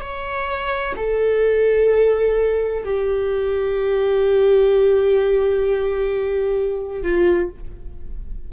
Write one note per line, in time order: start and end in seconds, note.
0.00 0.94 C#5
0.96 2.84 A4
2.85 7.02 G4
7.02 7.49 F4